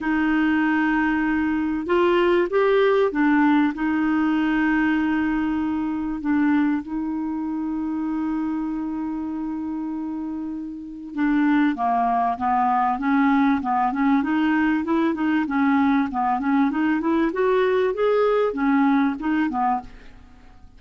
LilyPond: \new Staff \with { instrumentName = "clarinet" } { \time 4/4 \tempo 4 = 97 dis'2. f'4 | g'4 d'4 dis'2~ | dis'2 d'4 dis'4~ | dis'1~ |
dis'2 d'4 ais4 | b4 cis'4 b8 cis'8 dis'4 | e'8 dis'8 cis'4 b8 cis'8 dis'8 e'8 | fis'4 gis'4 cis'4 dis'8 b8 | }